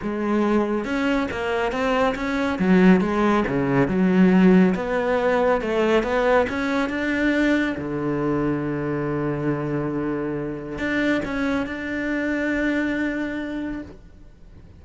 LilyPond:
\new Staff \with { instrumentName = "cello" } { \time 4/4 \tempo 4 = 139 gis2 cis'4 ais4 | c'4 cis'4 fis4 gis4 | cis4 fis2 b4~ | b4 a4 b4 cis'4 |
d'2 d2~ | d1~ | d4 d'4 cis'4 d'4~ | d'1 | }